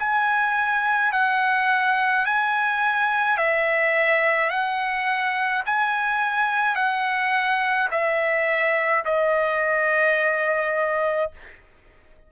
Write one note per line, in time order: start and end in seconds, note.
0.00 1.13 G#5
1.13 2.26 F#5
2.26 3.38 G#5
3.38 4.50 E5
4.50 5.63 F#5
5.66 6.76 G#5
6.76 7.89 F#5
7.91 9.05 E5
9.05 11.32 D#5